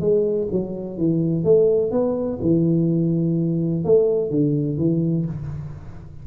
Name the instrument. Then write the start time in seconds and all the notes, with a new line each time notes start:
tuba
0.00 G#3
0.52 F#3
0.98 E3
1.44 A3
1.91 B3
2.42 E3
3.85 A3
4.31 D3
4.78 E3